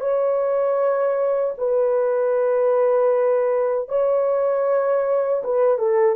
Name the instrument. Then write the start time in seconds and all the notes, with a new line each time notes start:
horn
0.00 C#5
1.57 B4
3.88 C#5
5.43 B4
5.78 A4